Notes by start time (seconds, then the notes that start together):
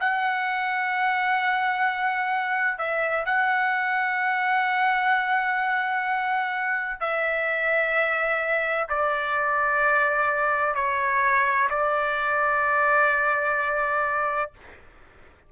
0.00 F#5
2.78 E5
3.26 F#5
7.00 E5
8.89 D5
10.75 C#5
11.70 D5